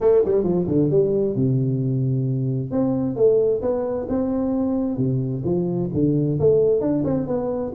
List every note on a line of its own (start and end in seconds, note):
0.00 0.23 A3
0.24 0.43 G3
0.43 0.66 F3
0.67 0.90 D3
0.90 1.35 G3
1.35 2.71 C3
2.71 3.15 C4
3.15 3.61 A3
3.61 4.07 B3
4.08 4.97 C4
4.97 5.42 C3
5.44 5.89 F3
5.93 6.39 D3
6.39 6.81 A3
6.81 7.03 D4
7.04 7.27 C4
7.27 7.72 B3